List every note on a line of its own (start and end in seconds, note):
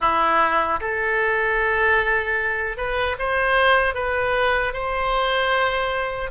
0.00 0.79 E4
0.80 2.77 A4
2.77 3.16 B4
3.18 3.94 C5
3.94 4.73 B4
4.73 6.31 C5